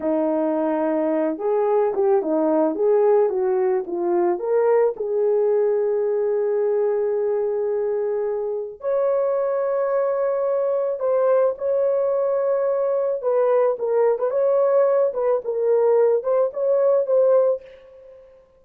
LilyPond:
\new Staff \with { instrumentName = "horn" } { \time 4/4 \tempo 4 = 109 dis'2~ dis'8 gis'4 g'8 | dis'4 gis'4 fis'4 f'4 | ais'4 gis'2.~ | gis'1 |
cis''1 | c''4 cis''2. | b'4 ais'8. b'16 cis''4. b'8 | ais'4. c''8 cis''4 c''4 | }